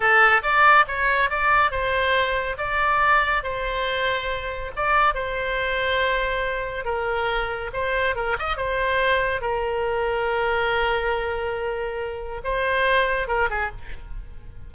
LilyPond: \new Staff \with { instrumentName = "oboe" } { \time 4/4 \tempo 4 = 140 a'4 d''4 cis''4 d''4 | c''2 d''2 | c''2. d''4 | c''1 |
ais'2 c''4 ais'8 dis''8 | c''2 ais'2~ | ais'1~ | ais'4 c''2 ais'8 gis'8 | }